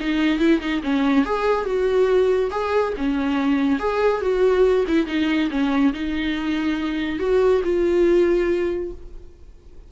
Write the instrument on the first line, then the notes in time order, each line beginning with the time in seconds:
viola
0.00 D#4
0.40 E4
0.61 D#4
0.83 C#4
1.26 G#4
1.66 F#4
2.51 G#4
2.97 C#4
3.79 G#4
4.22 F#4
4.88 E4
5.07 D#4
5.50 C#4
5.94 D#4
7.19 F#4
7.64 F4